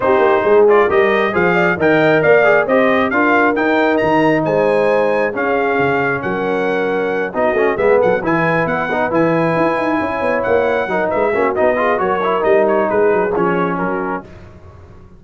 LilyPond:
<<
  \new Staff \with { instrumentName = "trumpet" } { \time 4/4 \tempo 4 = 135 c''4. d''8 dis''4 f''4 | g''4 f''4 dis''4 f''4 | g''4 ais''4 gis''2 | f''2 fis''2~ |
fis''8 dis''4 e''8 fis''8 gis''4 fis''8~ | fis''8 gis''2. fis''8~ | fis''4 e''4 dis''4 cis''4 | dis''8 cis''8 b'4 cis''4 ais'4 | }
  \new Staff \with { instrumentName = "horn" } { \time 4/4 g'4 gis'4 ais'4 c''8 d''8 | dis''4 d''4 c''4 ais'4~ | ais'2 c''2 | gis'2 ais'2~ |
ais'8 fis'4 gis'8 a'8 b'4.~ | b'2~ b'8 cis''4.~ | cis''8 ais'8 b'8 fis'4 gis'8 ais'4~ | ais'4 gis'2 fis'4 | }
  \new Staff \with { instrumentName = "trombone" } { \time 4/4 dis'4. f'8 g'4 gis'4 | ais'4. gis'8 g'4 f'4 | dis'1 | cis'1~ |
cis'8 dis'8 cis'8 b4 e'4. | dis'8 e'2.~ e'8~ | e'8 dis'4 cis'8 dis'8 f'8 fis'8 e'8 | dis'2 cis'2 | }
  \new Staff \with { instrumentName = "tuba" } { \time 4/4 c'8 ais8 gis4 g4 f4 | dis4 ais4 c'4 d'4 | dis'4 dis4 gis2 | cis'4 cis4 fis2~ |
fis8 b8 a8 gis8 fis8 e4 b8~ | b8 e4 e'8 dis'8 cis'8 b8 ais8~ | ais8 fis8 gis8 ais8 b4 fis4 | g4 gis8 fis8 f4 fis4 | }
>>